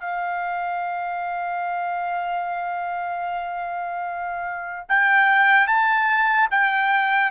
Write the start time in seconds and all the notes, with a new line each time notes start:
0.00 F5
4.89 G5
5.67 A5
6.51 G5